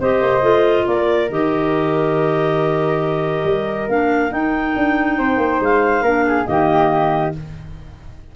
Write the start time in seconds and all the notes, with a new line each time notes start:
0.00 C4 G4 C5 D#5
0.21 A#3
0.42 A3 F4
0.86 A#3 A#4 D5
1.30 D#3 G4 D#5
3.44 G3
3.88 A#3 D4 F5
4.30 D#4 G5
4.76 D4
5.18 C4 C5
5.37 A#3
5.60 G#3 F5
6.02 A#3 D4 A#4
6.27 G#4
6.45 D#3 A#3 G4 D#5